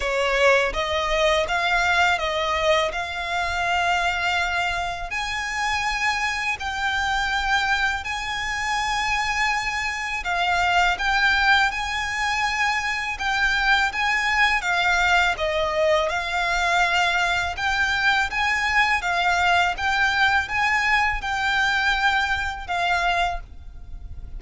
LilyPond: \new Staff \with { instrumentName = "violin" } { \time 4/4 \tempo 4 = 82 cis''4 dis''4 f''4 dis''4 | f''2. gis''4~ | gis''4 g''2 gis''4~ | gis''2 f''4 g''4 |
gis''2 g''4 gis''4 | f''4 dis''4 f''2 | g''4 gis''4 f''4 g''4 | gis''4 g''2 f''4 | }